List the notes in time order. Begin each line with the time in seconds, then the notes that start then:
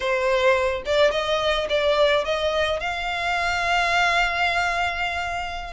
0.00 C5
0.85 D5
1.11 D#5
1.69 D5
2.24 D#5
2.80 F5